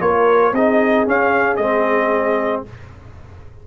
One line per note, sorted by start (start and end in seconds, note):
0.00 0.52 A#3
0.00 0.53 F4
0.00 0.54 A#4
0.00 0.54 C#5
0.52 1.05 C4
0.52 1.06 D#4
0.52 2.67 G#4
0.52 1.07 D#5
1.06 1.59 C#4
1.06 1.58 C#4
1.06 1.56 F5
1.56 2.64 G#3
1.56 2.66 C4
1.56 2.62 D#5